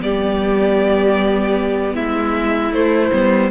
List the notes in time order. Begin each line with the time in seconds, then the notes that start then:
0.00 G3 B3 G4 D5
1.95 G#3 E4 E5
2.72 A3 C5
3.12 G3 B3